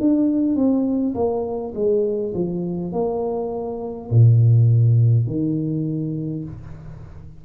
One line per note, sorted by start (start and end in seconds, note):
0.00 0.55 D4
0.55 1.14 C4
1.14 1.73 A#3
1.74 2.33 G#3
2.34 2.92 F3
2.92 4.10 A#3
4.11 5.26 A#2
5.26 6.44 D#3